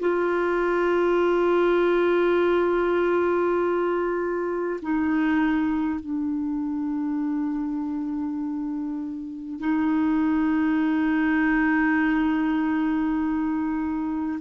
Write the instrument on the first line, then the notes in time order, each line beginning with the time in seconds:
clarinet
0.00 F4
4.82 D#4
6.00 D4
9.59 D#4